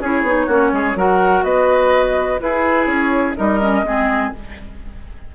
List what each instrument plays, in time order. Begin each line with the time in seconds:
0.00 bassoon C#4, clarinet E4, oboe G#4, flute C#5
0.23 bassoon B3, clarinet D#4
0.47 bassoon A#3, clarinet C#4, oboe F#4
0.72 bassoon G#3, oboe G#4
0.96 bassoon F#3, clarinet F#4, oboe A#4, flute F#5
1.44 bassoon B3, oboe B4, flute D#5
2.40 clarinet E4, bassoon E4, oboe G#4, flute B4
2.87 bassoon C#4, flute C#5
3.36 bassoon G3, clarinet D#4, oboe A#4, flute D#5
3.61 clarinet C#4
3.84 bassoon G#3, clarinet C4, oboe G#4